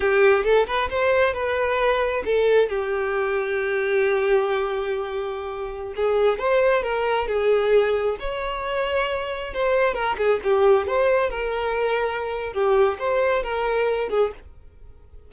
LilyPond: \new Staff \with { instrumentName = "violin" } { \time 4/4 \tempo 4 = 134 g'4 a'8 b'8 c''4 b'4~ | b'4 a'4 g'2~ | g'1~ | g'4~ g'16 gis'4 c''4 ais'8.~ |
ais'16 gis'2 cis''4.~ cis''16~ | cis''4~ cis''16 c''4 ais'8 gis'8 g'8.~ | g'16 c''4 ais'2~ ais'8. | g'4 c''4 ais'4. gis'8 | }